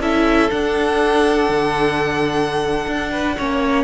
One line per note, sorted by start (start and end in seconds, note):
0.00 0.50 C#4
0.00 0.51 E4
0.00 3.12 A4
0.00 0.51 E5
0.51 3.38 D4
0.51 1.50 D4
0.51 3.85 F#5
1.50 2.87 D3
2.88 3.38 D4
3.12 3.37 B4
3.37 3.85 A#3
3.37 3.85 C#4
3.37 3.85 C#5